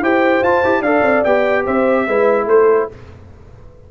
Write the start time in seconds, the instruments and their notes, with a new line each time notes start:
0.00 tuba E4, trombone G4, horn C5, trumpet G5
0.42 tuba F4, trombone F4, trumpet A5
0.64 tuba E4, trombone G4
0.81 tuba D4, trombone A4, horn D5, trumpet F5
1.02 tuba C4
1.24 tuba B3, trombone G4, trumpet G5
1.65 tuba C4, horn C5, trumpet E5
2.07 tuba G#3, trombone E4, horn B4
2.46 tuba A3, horn A4, trumpet C5